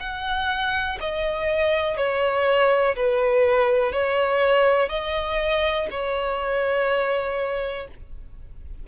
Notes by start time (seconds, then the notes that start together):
0.00 F#5
1.01 D#5
1.97 C#5
2.96 B4
3.93 C#5
4.90 D#5
5.91 C#5